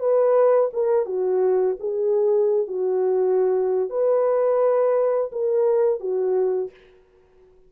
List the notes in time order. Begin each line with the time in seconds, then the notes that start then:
0.00 B4
0.73 A#4
1.06 F#4
1.80 G#4
2.68 F#4
3.90 B4
5.32 A#4
6.00 F#4